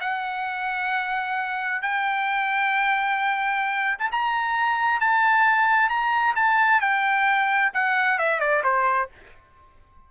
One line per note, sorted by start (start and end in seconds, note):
0.00 1.82 F#5
1.82 3.98 G5
3.99 4.10 A5
4.11 5.00 A#5
5.00 5.89 A5
5.89 6.35 A#5
6.35 6.80 A5
6.80 7.71 G5
7.74 8.18 F#5
8.18 8.40 E5
8.40 8.62 D5
8.63 9.09 C5